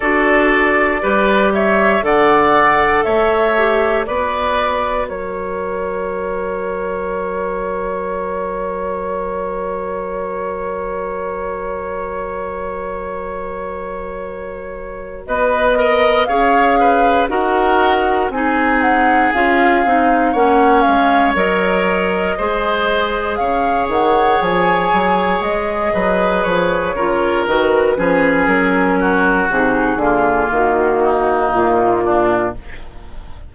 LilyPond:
<<
  \new Staff \with { instrumentName = "flute" } { \time 4/4 \tempo 4 = 59 d''4. e''8 fis''4 e''4 | d''4 cis''2.~ | cis''1~ | cis''2. dis''4 |
f''4 fis''4 gis''8 fis''8 f''4 | fis''8 f''8 dis''2 f''8 fis''8 | gis''4 dis''4 cis''4 b'4 | ais'4 gis'4 fis'4 f'4 | }
  \new Staff \with { instrumentName = "oboe" } { \time 4/4 a'4 b'8 cis''8 d''4 cis''4 | b'4 ais'2.~ | ais'1~ | ais'2. b'8 dis''8 |
cis''8 b'8 ais'4 gis'2 | cis''2 c''4 cis''4~ | cis''4. b'4 ais'4 gis'8~ | gis'8 fis'4 f'4 dis'4 d'8 | }
  \new Staff \with { instrumentName = "clarinet" } { \time 4/4 fis'4 g'4 a'4. g'8 | fis'1~ | fis'1~ | fis'2.~ fis'8 ais'8 |
gis'4 fis'4 dis'4 f'8 dis'8 | cis'4 ais'4 gis'2~ | gis'2~ gis'8 f'8 fis'8 cis'8~ | cis'4 dis'8 ais2~ ais8 | }
  \new Staff \with { instrumentName = "bassoon" } { \time 4/4 d'4 g4 d4 a4 | b4 fis2.~ | fis1~ | fis2. b4 |
cis'4 dis'4 c'4 cis'8 c'8 | ais8 gis8 fis4 gis4 cis8 dis8 | f8 fis8 gis8 fis8 f8 cis8 dis8 f8 | fis4 c8 d8 dis4 ais,4 | }
>>